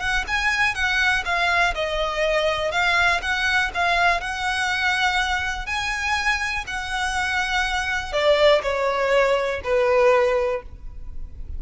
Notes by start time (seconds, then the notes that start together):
0.00 F#5
0.28 G#5
0.75 F#5
1.25 F5
1.75 D#5
2.71 F5
3.22 F#5
3.74 F5
4.21 F#5
5.66 G#5
6.67 F#5
8.13 D5
8.63 C#5
9.64 B4